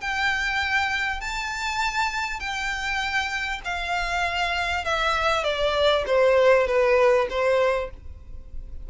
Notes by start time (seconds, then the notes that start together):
0.00 G5
1.20 A5
2.39 G5
3.64 F5
4.84 E5
5.44 D5
6.06 C5
6.66 B4
7.29 C5